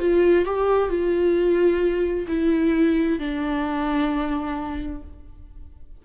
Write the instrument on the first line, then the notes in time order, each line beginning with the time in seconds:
viola
0.00 F4
0.45 G4
0.89 F4
2.28 E4
3.20 D4